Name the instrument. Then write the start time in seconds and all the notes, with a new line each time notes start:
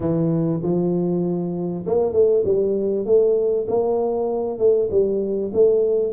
tuba
0.00 E3
0.62 F3
1.86 A#3
2.12 A3
2.44 G3
3.05 A3
3.68 A#3
4.58 A3
4.90 G3
5.53 A3